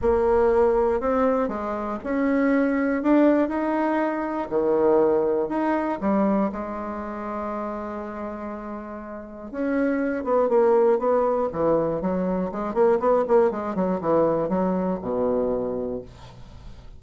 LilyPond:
\new Staff \with { instrumentName = "bassoon" } { \time 4/4 \tempo 4 = 120 ais2 c'4 gis4 | cis'2 d'4 dis'4~ | dis'4 dis2 dis'4 | g4 gis2.~ |
gis2. cis'4~ | cis'8 b8 ais4 b4 e4 | fis4 gis8 ais8 b8 ais8 gis8 fis8 | e4 fis4 b,2 | }